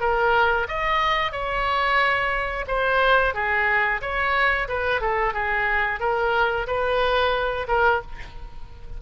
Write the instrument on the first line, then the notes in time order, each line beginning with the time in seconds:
oboe
0.00 A#4
0.68 D#5
1.32 C#5
2.67 C5
3.34 G#4
4.01 C#5
4.68 B4
5.00 A4
5.33 G#4
5.99 A#4
6.67 B4
7.68 A#4